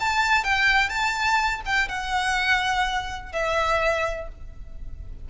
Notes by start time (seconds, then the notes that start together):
0.00 A5
0.44 G5
0.89 A5
1.66 G5
1.88 F#5
3.32 E5